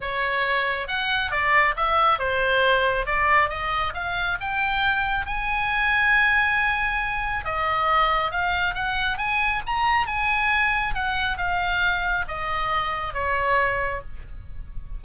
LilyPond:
\new Staff \with { instrumentName = "oboe" } { \time 4/4 \tempo 4 = 137 cis''2 fis''4 d''4 | e''4 c''2 d''4 | dis''4 f''4 g''2 | gis''1~ |
gis''4 dis''2 f''4 | fis''4 gis''4 ais''4 gis''4~ | gis''4 fis''4 f''2 | dis''2 cis''2 | }